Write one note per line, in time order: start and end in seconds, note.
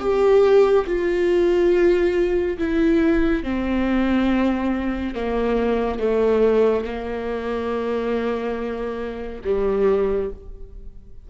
0.00 0.86 G4
0.87 2.58 F4
2.58 3.44 E4
3.44 5.15 C4
5.15 6.00 A#3
6.00 6.85 A3
6.85 9.42 A#3
9.45 10.31 G3